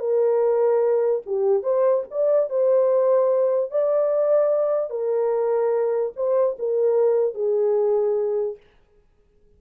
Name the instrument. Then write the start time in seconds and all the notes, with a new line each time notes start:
horn
0.00 A#4
1.27 G4
1.63 C5
2.11 D5
2.50 C5
3.71 D5
4.90 A#4
6.16 C5
6.59 A#4
7.35 G#4